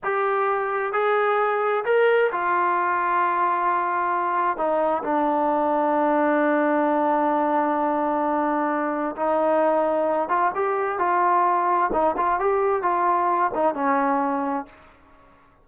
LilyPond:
\new Staff \with { instrumentName = "trombone" } { \time 4/4 \tempo 4 = 131 g'2 gis'2 | ais'4 f'2.~ | f'2 dis'4 d'4~ | d'1~ |
d'1 | dis'2~ dis'8 f'8 g'4 | f'2 dis'8 f'8 g'4 | f'4. dis'8 cis'2 | }